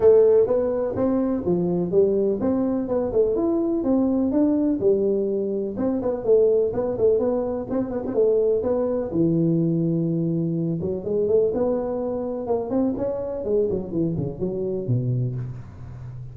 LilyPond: \new Staff \with { instrumentName = "tuba" } { \time 4/4 \tempo 4 = 125 a4 b4 c'4 f4 | g4 c'4 b8 a8 e'4 | c'4 d'4 g2 | c'8 b8 a4 b8 a8 b4 |
c'8 b16 c'16 a4 b4 e4~ | e2~ e8 fis8 gis8 a8 | b2 ais8 c'8 cis'4 | gis8 fis8 e8 cis8 fis4 b,4 | }